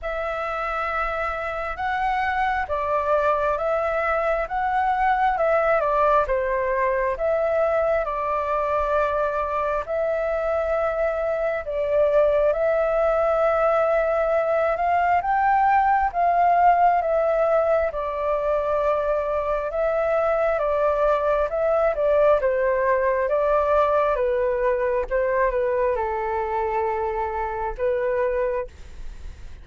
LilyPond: \new Staff \with { instrumentName = "flute" } { \time 4/4 \tempo 4 = 67 e''2 fis''4 d''4 | e''4 fis''4 e''8 d''8 c''4 | e''4 d''2 e''4~ | e''4 d''4 e''2~ |
e''8 f''8 g''4 f''4 e''4 | d''2 e''4 d''4 | e''8 d''8 c''4 d''4 b'4 | c''8 b'8 a'2 b'4 | }